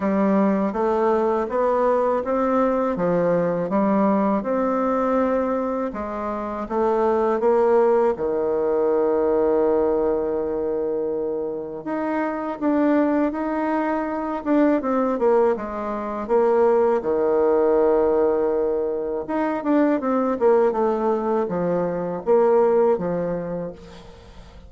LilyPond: \new Staff \with { instrumentName = "bassoon" } { \time 4/4 \tempo 4 = 81 g4 a4 b4 c'4 | f4 g4 c'2 | gis4 a4 ais4 dis4~ | dis1 |
dis'4 d'4 dis'4. d'8 | c'8 ais8 gis4 ais4 dis4~ | dis2 dis'8 d'8 c'8 ais8 | a4 f4 ais4 f4 | }